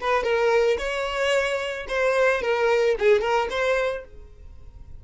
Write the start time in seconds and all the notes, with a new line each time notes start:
0.00 B4
0.23 A#4
0.78 C#5
1.88 C5
2.41 A#4
2.99 G#4
3.21 A#4
3.50 C5